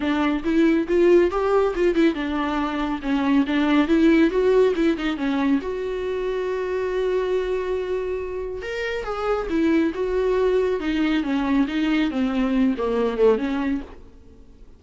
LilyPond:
\new Staff \with { instrumentName = "viola" } { \time 4/4 \tempo 4 = 139 d'4 e'4 f'4 g'4 | f'8 e'8 d'2 cis'4 | d'4 e'4 fis'4 e'8 dis'8 | cis'4 fis'2.~ |
fis'1 | ais'4 gis'4 e'4 fis'4~ | fis'4 dis'4 cis'4 dis'4 | c'4. ais4 a8 cis'4 | }